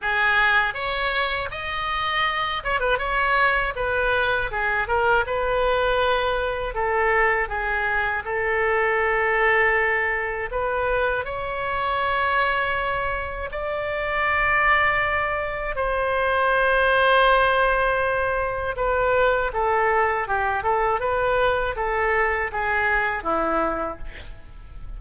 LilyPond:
\new Staff \with { instrumentName = "oboe" } { \time 4/4 \tempo 4 = 80 gis'4 cis''4 dis''4. cis''16 b'16 | cis''4 b'4 gis'8 ais'8 b'4~ | b'4 a'4 gis'4 a'4~ | a'2 b'4 cis''4~ |
cis''2 d''2~ | d''4 c''2.~ | c''4 b'4 a'4 g'8 a'8 | b'4 a'4 gis'4 e'4 | }